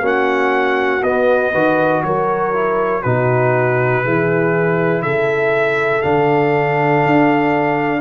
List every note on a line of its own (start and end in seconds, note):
0.00 1.00 A#3
0.00 1.01 C#4
0.00 1.51 F#4
0.00 1.03 F#5
1.03 1.53 B3
1.03 2.03 D#5
1.51 2.03 D#3
1.51 2.53 F#4
1.51 2.01 B4
2.03 3.03 F#3
2.03 3.03 A#4
2.03 3.02 C#5
2.53 3.03 E4
3.02 4.05 B2
3.02 4.04 D#4
3.02 4.03 F#4
3.02 5.02 B4
4.04 5.01 E3
4.04 6.02 E4
4.04 5.03 G#4
5.01 6.01 C#3
5.01 8.01 A4
5.01 6.01 E5
6.01 7.04 D3
6.01 8.01 D4
6.01 8.01 F5
7.05 8.01 D4